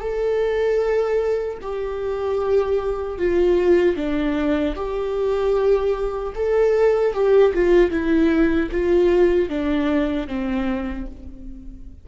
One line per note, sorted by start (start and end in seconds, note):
0.00 1.58 A4
1.61 3.18 G4
3.18 3.96 F4
3.96 4.75 D4
4.75 6.33 G4
6.35 7.13 A4
7.13 7.53 G4
7.53 7.90 F4
7.90 8.69 E4
8.71 9.48 F4
9.48 10.27 D4
10.27 11.06 C4